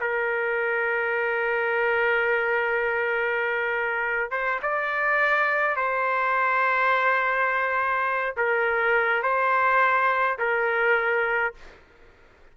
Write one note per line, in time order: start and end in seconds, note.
0.00 4.31 A#4
4.31 4.59 C5
4.62 5.76 D5
5.76 8.35 C5
8.36 9.23 A#4
9.23 10.38 C5
10.38 11.54 A#4